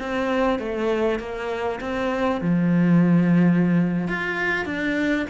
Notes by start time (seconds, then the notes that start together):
0.00 C4
0.59 A3
1.19 A#3
1.81 C4
2.41 F3
4.08 F4
4.66 D4